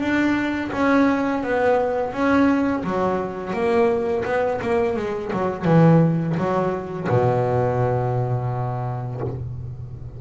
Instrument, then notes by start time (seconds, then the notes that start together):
double bass
0.00 D4
0.73 C#4
1.43 B3
2.13 C#4
2.84 F#3
3.53 A#3
4.25 B3
4.61 A#3
4.96 G#3
5.33 F#3
5.65 E3
6.37 F#3
7.09 B2